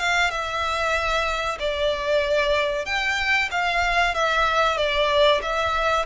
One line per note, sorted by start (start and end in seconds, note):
0.00 0.31 F5
0.31 1.59 E5
1.60 2.86 D5
2.86 3.50 G5
3.51 4.15 F5
4.15 4.78 E5
4.78 5.41 D5
5.43 6.06 E5